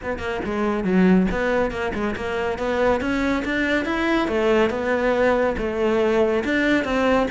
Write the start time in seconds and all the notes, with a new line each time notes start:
0.02 B3
0.18 A#3
0.44 G#3
0.84 F#3
1.31 B3
1.71 A#3
1.94 G#3
2.16 A#3
2.58 B3
3.00 C#4
3.44 D4
3.85 E4
4.28 A3
4.70 B3
5.57 A3
6.44 D4
6.84 C4